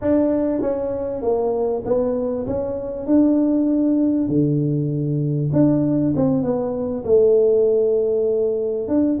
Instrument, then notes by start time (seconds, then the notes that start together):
tuba
0.01 D4
0.61 C#4
1.22 A#3
1.85 B3
2.46 C#4
3.06 D4
4.28 D3
5.52 D4
6.15 C4
6.42 B3
7.04 A3
8.87 D4